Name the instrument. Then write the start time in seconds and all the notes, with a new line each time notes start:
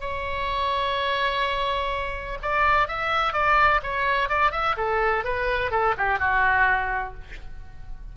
oboe
0.00 C#5
2.42 D5
2.88 E5
3.33 D5
3.83 C#5
4.29 D5
4.51 E5
4.77 A4
5.24 B4
5.71 A4
5.97 G4
6.19 F#4